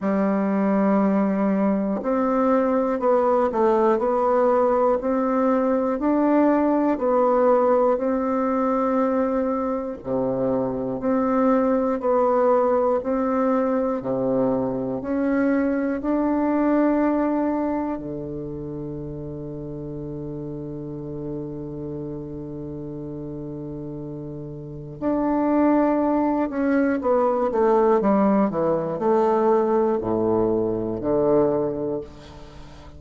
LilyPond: \new Staff \with { instrumentName = "bassoon" } { \time 4/4 \tempo 4 = 60 g2 c'4 b8 a8 | b4 c'4 d'4 b4 | c'2 c4 c'4 | b4 c'4 c4 cis'4 |
d'2 d2~ | d1~ | d4 d'4. cis'8 b8 a8 | g8 e8 a4 a,4 d4 | }